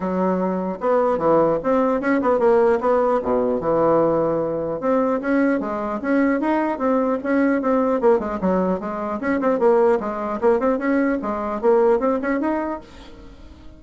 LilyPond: \new Staff \with { instrumentName = "bassoon" } { \time 4/4 \tempo 4 = 150 fis2 b4 e4 | c'4 cis'8 b8 ais4 b4 | b,4 e2. | c'4 cis'4 gis4 cis'4 |
dis'4 c'4 cis'4 c'4 | ais8 gis8 fis4 gis4 cis'8 c'8 | ais4 gis4 ais8 c'8 cis'4 | gis4 ais4 c'8 cis'8 dis'4 | }